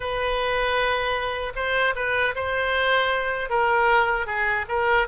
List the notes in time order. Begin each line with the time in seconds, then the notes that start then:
0.00 B4
1.55 C5
1.95 B4
2.35 C5
3.49 A#4
4.26 G#4
4.68 A#4